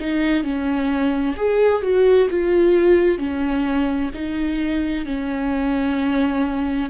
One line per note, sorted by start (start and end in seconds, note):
0.00 0.44 D#4
0.44 1.36 C#4
1.37 1.83 G#4
1.83 2.29 F#4
2.30 3.18 F4
3.18 4.11 C#4
4.15 5.06 D#4
5.06 6.90 C#4